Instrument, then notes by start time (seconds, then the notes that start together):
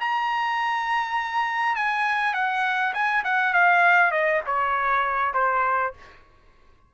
trumpet
0.00 A#5
1.76 G#5
2.34 F#5
2.94 G#5
3.24 F#5
3.53 F5
4.12 D#5
4.46 C#5
5.34 C5